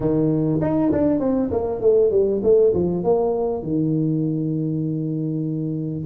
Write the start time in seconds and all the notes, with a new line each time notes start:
0.00 D#3
0.61 D#4
0.91 D4
1.19 C4
1.51 A#3
1.80 A3
2.10 G3
2.43 A3
2.73 F3
3.03 A#3
3.63 D#3